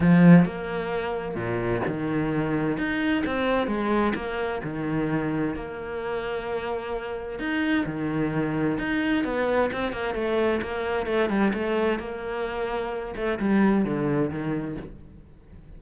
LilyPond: \new Staff \with { instrumentName = "cello" } { \time 4/4 \tempo 4 = 130 f4 ais2 ais,4 | dis2 dis'4 c'4 | gis4 ais4 dis2 | ais1 |
dis'4 dis2 dis'4 | b4 c'8 ais8 a4 ais4 | a8 g8 a4 ais2~ | ais8 a8 g4 d4 dis4 | }